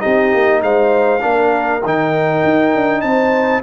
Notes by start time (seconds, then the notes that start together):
0.00 C4 D#4 G4 D#5
0.34 A#3
0.62 G#3 C5 F5
1.21 A#3 D4 A#4
1.85 D#3 D#4 G5
2.44 D#4
2.75 D4
3.01 C4 C5 A5